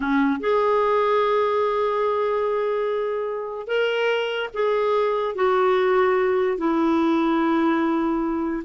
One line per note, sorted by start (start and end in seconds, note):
0.00 0.39 C#4
0.39 3.67 G#4
3.67 4.49 A#4
4.53 5.35 G#4
5.35 6.57 F#4
6.57 8.63 E4